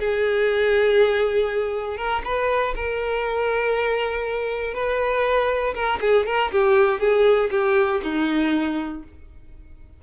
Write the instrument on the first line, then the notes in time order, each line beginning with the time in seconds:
violin
0.00 G#4
1.97 A#4
2.25 B4
2.76 A#4
4.75 B4
5.75 A#4
6.01 G#4
6.27 A#4
6.52 G4
7.00 G#4
7.51 G4
8.03 D#4